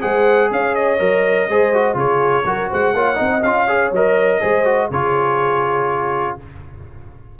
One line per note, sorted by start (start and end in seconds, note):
0.00 0.51 G#3
0.00 0.98 G#4
0.00 0.49 C5
0.00 0.50 F#5
0.51 0.99 C#4
0.51 1.49 C#5
0.51 0.75 F5
0.75 1.97 D#5
0.98 1.48 F#3
0.98 1.47 A#4
1.48 1.94 G#3
1.48 1.74 G#4
1.48 1.96 C5
1.74 1.94 F#4
1.94 2.43 C#3
1.94 2.43 F4
1.94 2.45 G#4
1.94 2.71 C#5
2.44 2.69 F#3
2.44 2.94 F#4
2.44 2.69 A#4
2.69 2.93 G#3
2.69 2.94 C5
2.69 3.42 F#5
2.93 3.17 A#3
2.93 3.15 F4
2.93 3.17 C#5
3.15 3.43 C4
3.15 3.39 D#4
3.15 3.65 D#5
3.42 3.91 C#4
3.42 3.67 F4
3.42 3.91 F5
3.66 3.92 G#4
3.66 4.39 C#5
3.91 4.40 F#3
3.91 4.40 A#4
3.91 4.91 D#5
4.40 4.90 G#3
4.40 4.64 G#4
4.40 4.89 C5
4.64 4.89 F#4
4.89 6.36 C#3
4.89 6.39 F4
4.89 6.35 G#4
4.89 6.37 C#5